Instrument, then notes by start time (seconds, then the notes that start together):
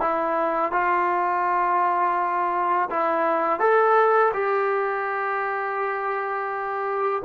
trombone
0.00 E4
0.72 F4
2.90 E4
3.60 A4
4.34 G4